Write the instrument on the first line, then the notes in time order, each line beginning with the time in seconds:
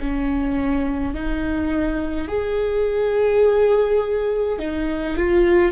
viola
0.00 C#4
1.14 D#4
2.28 G#4
4.59 D#4
5.17 F4